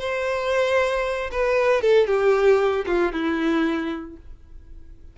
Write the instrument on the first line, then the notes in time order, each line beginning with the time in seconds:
violin
0.00 C5
1.32 B4
1.82 A4
2.07 G4
2.87 F4
3.13 E4